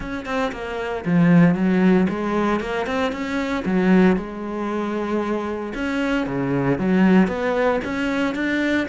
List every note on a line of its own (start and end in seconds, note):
0.00 0.25 C#4
0.25 0.51 C4
0.52 1.04 A#3
1.05 1.54 F3
1.54 2.07 F#3
2.09 2.60 G#3
2.60 2.86 A#3
2.86 3.11 C4
3.11 3.64 C#4
3.65 4.16 F#3
4.16 5.73 G#3
5.74 6.26 C#4
6.26 6.78 C#3
6.78 7.27 F#3
7.27 7.80 B3
7.84 8.35 C#4
8.35 8.87 D4